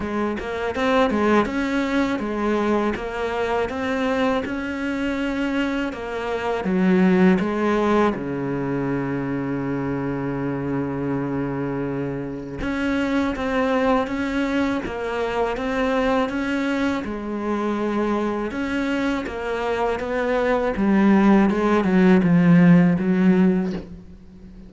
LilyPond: \new Staff \with { instrumentName = "cello" } { \time 4/4 \tempo 4 = 81 gis8 ais8 c'8 gis8 cis'4 gis4 | ais4 c'4 cis'2 | ais4 fis4 gis4 cis4~ | cis1~ |
cis4 cis'4 c'4 cis'4 | ais4 c'4 cis'4 gis4~ | gis4 cis'4 ais4 b4 | g4 gis8 fis8 f4 fis4 | }